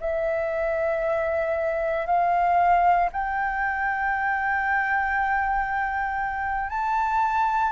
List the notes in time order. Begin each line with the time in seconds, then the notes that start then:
0.00 E5
2.05 F5
3.12 G5
6.69 A5